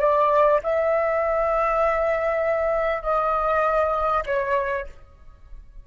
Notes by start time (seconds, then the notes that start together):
0.00 D5
0.63 E5
3.02 D#5
4.26 C#5